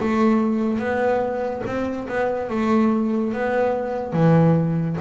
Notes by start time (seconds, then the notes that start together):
0.00 A3
0.79 B3
1.66 C4
2.08 B3
2.50 A3
3.33 B3
4.12 E3